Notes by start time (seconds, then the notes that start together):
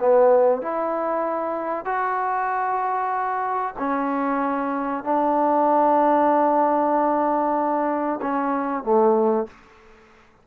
0.00 B3
0.62 E4
1.85 F#4
3.79 C#4
5.04 D4
8.22 C#4
8.84 A3